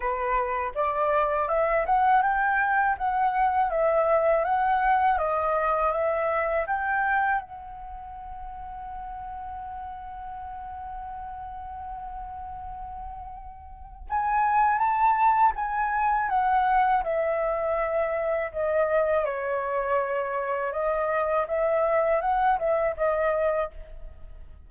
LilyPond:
\new Staff \with { instrumentName = "flute" } { \time 4/4 \tempo 4 = 81 b'4 d''4 e''8 fis''8 g''4 | fis''4 e''4 fis''4 dis''4 | e''4 g''4 fis''2~ | fis''1~ |
fis''2. gis''4 | a''4 gis''4 fis''4 e''4~ | e''4 dis''4 cis''2 | dis''4 e''4 fis''8 e''8 dis''4 | }